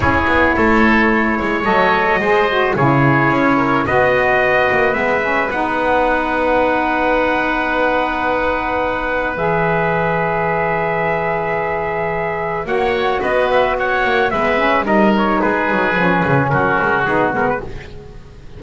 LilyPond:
<<
  \new Staff \with { instrumentName = "trumpet" } { \time 4/4 \tempo 4 = 109 cis''2. dis''4~ | dis''4 cis''2 dis''4~ | dis''4 e''4 fis''2~ | fis''1~ |
fis''4 e''2.~ | e''2. fis''4 | dis''8 e''8 fis''4 e''4 dis''8 cis''8 | b'2 ais'4 gis'8 ais'16 b'16 | }
  \new Staff \with { instrumentName = "oboe" } { \time 4/4 gis'4 a'4. cis''4. | c''4 gis'4. ais'8 b'4~ | b'1~ | b'1~ |
b'1~ | b'2. cis''4 | b'4 cis''4 b'4 ais'4 | gis'2 fis'2 | }
  \new Staff \with { instrumentName = "saxophone" } { \time 4/4 e'2. a'4 | gis'8 fis'8 e'2 fis'4~ | fis'4 b8 cis'8 dis'2~ | dis'1~ |
dis'4 gis'2.~ | gis'2. fis'4~ | fis'2 b8 cis'8 dis'4~ | dis'4 cis'2 dis'8 b8 | }
  \new Staff \with { instrumentName = "double bass" } { \time 4/4 cis'8 b8 a4. gis8 fis4 | gis4 cis4 cis'4 b4~ | b8 ais8 gis4 b2~ | b1~ |
b4 e2.~ | e2. ais4 | b4. ais8 gis4 g4 | gis8 fis8 f8 cis8 fis8 gis8 b8 gis8 | }
>>